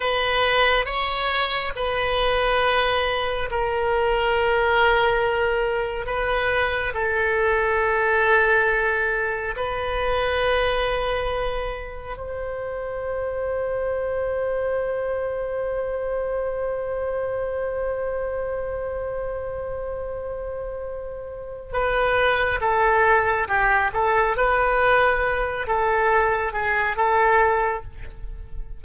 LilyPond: \new Staff \with { instrumentName = "oboe" } { \time 4/4 \tempo 4 = 69 b'4 cis''4 b'2 | ais'2. b'4 | a'2. b'4~ | b'2 c''2~ |
c''1~ | c''1~ | c''4 b'4 a'4 g'8 a'8 | b'4. a'4 gis'8 a'4 | }